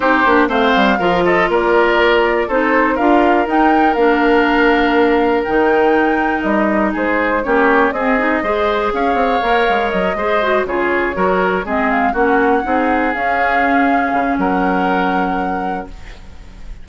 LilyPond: <<
  \new Staff \with { instrumentName = "flute" } { \time 4/4 \tempo 4 = 121 c''4 f''4. dis''8 d''4~ | d''4 c''4 f''4 g''4 | f''2. g''4~ | g''4 dis''4 c''4 cis''4 |
dis''2 f''2 | dis''4. cis''2 dis''8 | f''8 fis''2 f''4.~ | f''4 fis''2. | }
  \new Staff \with { instrumentName = "oboe" } { \time 4/4 g'4 c''4 ais'8 a'8 ais'4~ | ais'4 a'4 ais'2~ | ais'1~ | ais'2 gis'4 g'4 |
gis'4 c''4 cis''2~ | cis''8 c''4 gis'4 ais'4 gis'8~ | gis'8 fis'4 gis'2~ gis'8~ | gis'4 ais'2. | }
  \new Staff \with { instrumentName = "clarinet" } { \time 4/4 dis'8 d'8 c'4 f'2~ | f'4 dis'4 f'4 dis'4 | d'2. dis'4~ | dis'2. cis'4 |
c'8 dis'8 gis'2 ais'4~ | ais'8 gis'8 fis'8 f'4 fis'4 c'8~ | c'8 cis'4 dis'4 cis'4.~ | cis'1 | }
  \new Staff \with { instrumentName = "bassoon" } { \time 4/4 c'8 ais8 a8 g8 f4 ais4~ | ais4 c'4 d'4 dis'4 | ais2. dis4~ | dis4 g4 gis4 ais4 |
c'4 gis4 cis'8 c'8 ais8 gis8 | fis8 gis4 cis4 fis4 gis8~ | gis8 ais4 c'4 cis'4.~ | cis'8 cis8 fis2. | }
>>